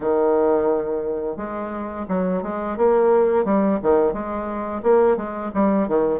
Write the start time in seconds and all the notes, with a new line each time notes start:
0.00 D#3
1.36 G#3
2.08 F#3
2.42 G#3
2.77 A#3
3.44 G3
3.82 D#3
4.13 G#3
4.82 A#3
5.16 G#3
5.54 G3
5.87 D#3